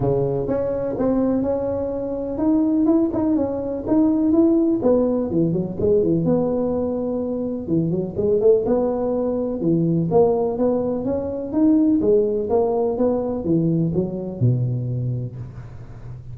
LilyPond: \new Staff \with { instrumentName = "tuba" } { \time 4/4 \tempo 4 = 125 cis4 cis'4 c'4 cis'4~ | cis'4 dis'4 e'8 dis'8 cis'4 | dis'4 e'4 b4 e8 fis8 | gis8 e8 b2. |
e8 fis8 gis8 a8 b2 | e4 ais4 b4 cis'4 | dis'4 gis4 ais4 b4 | e4 fis4 b,2 | }